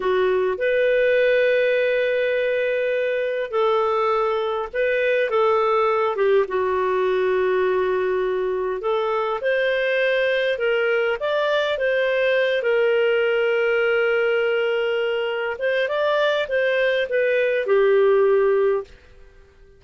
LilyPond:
\new Staff \with { instrumentName = "clarinet" } { \time 4/4 \tempo 4 = 102 fis'4 b'2.~ | b'2 a'2 | b'4 a'4. g'8 fis'4~ | fis'2. a'4 |
c''2 ais'4 d''4 | c''4. ais'2~ ais'8~ | ais'2~ ais'8 c''8 d''4 | c''4 b'4 g'2 | }